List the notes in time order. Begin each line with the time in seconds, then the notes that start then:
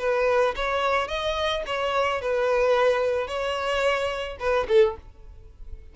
0.00 B4
0.56 C#5
1.09 D#5
1.67 C#5
2.22 B4
3.28 C#5
4.40 B4
4.69 A4